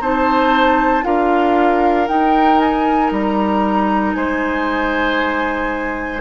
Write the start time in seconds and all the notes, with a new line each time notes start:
0.00 C4 D#4 C5 A5
1.03 D4 F4 A#4 F5
2.08 D#4 G5
2.59 G#5
3.11 G3 A#5
4.14 G#3 C5 G#5